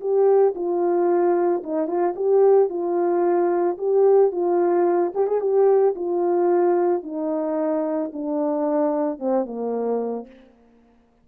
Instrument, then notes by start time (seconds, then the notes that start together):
horn
0.00 G4
0.55 F4
1.63 D#4
1.87 F4
2.16 G4
2.69 F4
3.78 G4
4.32 F4
5.14 G4
5.27 G#4
5.41 G4
5.95 F4
7.03 D#4
8.13 D4
9.19 C4
9.45 A#3